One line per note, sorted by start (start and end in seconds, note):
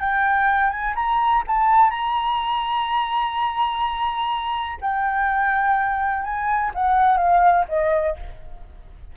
0.00 0.70 G5
0.70 0.94 G#5
0.95 1.43 A#5
1.47 1.90 A5
1.90 4.78 A#5
4.81 6.23 G5
6.23 6.71 G#5
6.74 7.17 F#5
7.17 7.65 F5
7.68 8.16 D#5